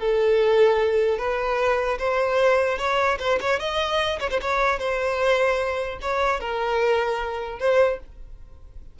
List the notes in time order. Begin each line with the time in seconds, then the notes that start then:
0.00 A4
1.19 B4
1.99 C5
2.78 C#5
3.19 C5
3.41 C#5
3.60 D#5
4.20 C#5
4.31 C5
4.42 C#5
4.79 C5
6.02 C#5
6.41 A#4
7.60 C5